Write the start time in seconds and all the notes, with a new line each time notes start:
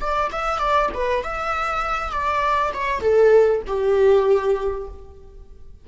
0.00 D5
0.32 E5
0.58 D5
0.94 B4
1.23 E5
2.11 D5
2.73 C#5
3.01 A4
3.66 G4